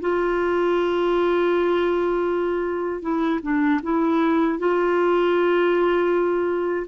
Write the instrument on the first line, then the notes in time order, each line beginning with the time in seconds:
clarinet
0.00 F4
3.01 E4
3.42 D4
3.83 E4
4.58 F4